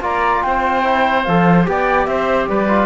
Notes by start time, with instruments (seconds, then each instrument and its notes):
0.00 cello A#3, trombone F4, oboe D5, flute A#5
0.42 cello C4, oboe C5, flute G5
0.83 trombone E4
1.23 cello F3, trombone A4, flute F5
1.64 cello B3, trombone G4, oboe D5, flute G5
2.05 cello C4, oboe C5, flute E5
2.48 cello G3, oboe B4, flute D5
2.68 trombone F4